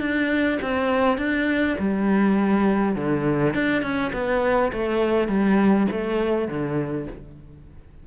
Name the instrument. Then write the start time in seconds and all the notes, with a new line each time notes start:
cello
0.00 D4
0.61 C4
1.18 D4
1.79 G3
2.95 D3
3.54 D4
3.82 C#4
4.13 B3
4.72 A3
5.28 G3
5.91 A3
6.48 D3